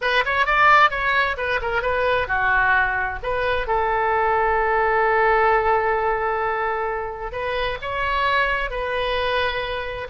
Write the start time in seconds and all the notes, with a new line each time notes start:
0.01 B4
0.25 C#5
0.46 D5
0.90 C#5
1.37 B4
1.61 A#4
1.82 B4
2.27 F#4
3.22 B4
3.67 A4
7.32 B4
7.81 C#5
8.70 B4